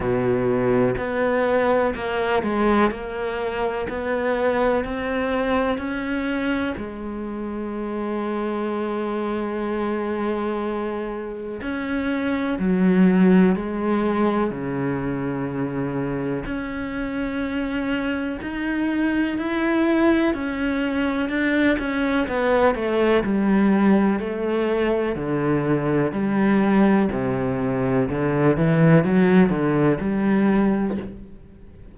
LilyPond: \new Staff \with { instrumentName = "cello" } { \time 4/4 \tempo 4 = 62 b,4 b4 ais8 gis8 ais4 | b4 c'4 cis'4 gis4~ | gis1 | cis'4 fis4 gis4 cis4~ |
cis4 cis'2 dis'4 | e'4 cis'4 d'8 cis'8 b8 a8 | g4 a4 d4 g4 | c4 d8 e8 fis8 d8 g4 | }